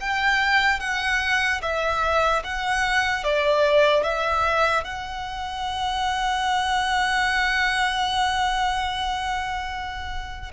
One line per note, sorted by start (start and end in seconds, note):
0.00 0.80 G5
0.80 1.61 F#5
1.61 2.43 E5
2.43 3.23 F#5
3.23 4.03 D5
4.03 4.84 E5
4.84 10.51 F#5